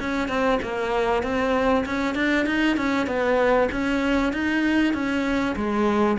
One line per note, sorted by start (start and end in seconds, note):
0.00 0.28 C#4
0.28 0.59 C4
0.62 1.23 A#3
1.23 1.85 C4
1.86 2.15 C#4
2.15 2.46 D4
2.46 2.77 D#4
2.77 3.07 C#4
3.07 3.69 B3
3.71 4.33 C#4
4.33 4.93 D#4
4.93 5.55 C#4
5.56 6.18 G#3